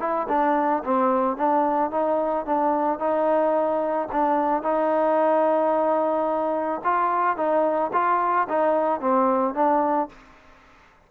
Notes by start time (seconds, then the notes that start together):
0.00 E4
0.29 D4
0.84 C4
1.37 D4
1.91 D#4
2.46 D4
3.00 D#4
4.12 D4
4.63 D#4
6.84 F4
7.37 D#4
7.93 F4
8.49 D#4
9.00 C4
9.55 D4